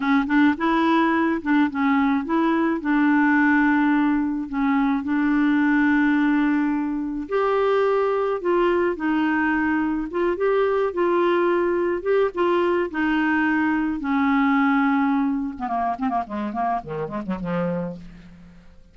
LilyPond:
\new Staff \with { instrumentName = "clarinet" } { \time 4/4 \tempo 4 = 107 cis'8 d'8 e'4. d'8 cis'4 | e'4 d'2. | cis'4 d'2.~ | d'4 g'2 f'4 |
dis'2 f'8 g'4 f'8~ | f'4. g'8 f'4 dis'4~ | dis'4 cis'2~ cis'8. b16 | ais8 c'16 ais16 gis8 ais8 dis8 gis16 fis16 f4 | }